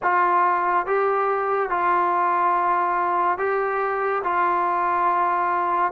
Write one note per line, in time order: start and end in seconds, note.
0.02 0.86 F4
0.86 1.69 G4
1.69 3.38 F4
3.38 4.22 G4
4.23 5.92 F4